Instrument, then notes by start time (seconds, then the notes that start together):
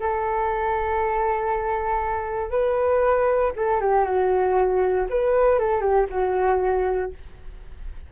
flute
0.00 A4
2.51 B4
3.57 A4
3.81 G4
4.05 F#4
5.10 B4
5.59 A4
5.81 G4
6.10 F#4